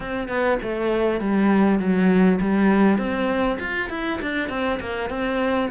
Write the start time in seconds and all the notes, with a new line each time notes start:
0.00 C4
0.28 B3
0.62 A3
1.20 G3
1.79 F#3
2.40 G3
2.98 C4
3.59 F4
3.89 E4
4.21 D4
4.49 C4
4.79 A#3
5.09 C4